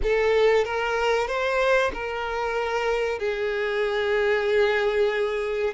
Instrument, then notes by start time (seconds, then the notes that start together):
violin
0.02 A4
0.64 A#4
1.27 C5
1.93 A#4
3.18 G#4